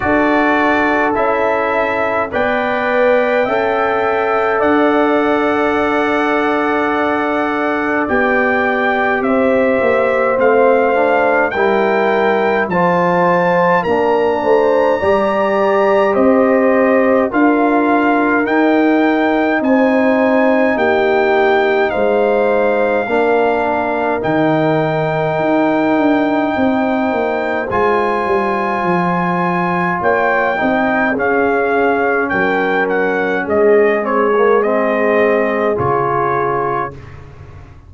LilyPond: <<
  \new Staff \with { instrumentName = "trumpet" } { \time 4/4 \tempo 4 = 52 d''4 e''4 g''2 | fis''2. g''4 | e''4 f''4 g''4 a''4 | ais''2 dis''4 f''4 |
g''4 gis''4 g''4 f''4~ | f''4 g''2. | gis''2 g''4 f''4 | g''8 fis''8 dis''8 cis''8 dis''4 cis''4 | }
  \new Staff \with { instrumentName = "horn" } { \time 4/4 a'2 d''4 e''4 | d''1 | c''2 ais'4 c''4 | ais'8 c''8 d''4 c''4 ais'4~ |
ais'4 c''4 g'4 c''4 | ais'2. c''4~ | c''2 cis''8 dis''8 gis'4 | ais'4 gis'2. | }
  \new Staff \with { instrumentName = "trombone" } { \time 4/4 fis'4 e'4 b'4 a'4~ | a'2. g'4~ | g'4 c'8 d'8 e'4 f'4 | d'4 g'2 f'4 |
dis'1 | d'4 dis'2. | f'2~ f'8 dis'8 cis'4~ | cis'4. c'16 ais16 c'4 f'4 | }
  \new Staff \with { instrumentName = "tuba" } { \time 4/4 d'4 cis'4 b4 cis'4 | d'2. b4 | c'8 ais8 a4 g4 f4 | ais8 a8 g4 c'4 d'4 |
dis'4 c'4 ais4 gis4 | ais4 dis4 dis'8 d'8 c'8 ais8 | gis8 g8 f4 ais8 c'8 cis'4 | fis4 gis2 cis4 | }
>>